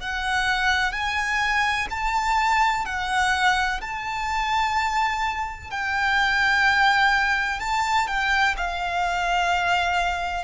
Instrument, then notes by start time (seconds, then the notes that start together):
violin
0.00 F#5
0.92 G#5
1.90 A5
2.85 F#5
3.81 A5
5.71 G5
7.60 A5
8.08 G5
8.57 F5